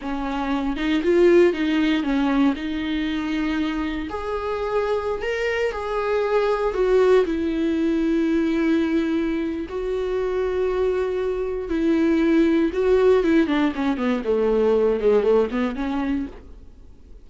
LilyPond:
\new Staff \with { instrumentName = "viola" } { \time 4/4 \tempo 4 = 118 cis'4. dis'8 f'4 dis'4 | cis'4 dis'2. | gis'2~ gis'16 ais'4 gis'8.~ | gis'4~ gis'16 fis'4 e'4.~ e'16~ |
e'2. fis'4~ | fis'2. e'4~ | e'4 fis'4 e'8 d'8 cis'8 b8 | a4. gis8 a8 b8 cis'4 | }